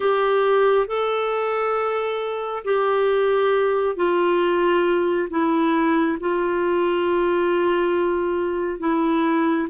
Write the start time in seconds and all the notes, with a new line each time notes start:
0.00 G4
0.87 A4
2.64 G4
3.96 F4
5.29 E4
6.20 F4
8.79 E4